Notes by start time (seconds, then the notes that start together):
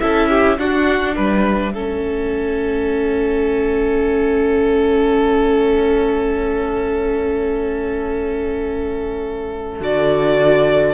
0.00 C#4 E4 A4 E5
0.29 G4
0.58 D4 F#4 F#5
1.15 G3 B4 E5
1.73 A3 C#4 A4
9.80 D3 F#4 D5